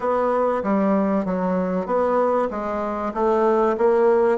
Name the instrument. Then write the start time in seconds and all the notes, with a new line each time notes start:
bassoon
0.00 B3
0.63 G3
1.25 F#3
1.86 B3
2.50 G#3
3.13 A3
3.77 A#3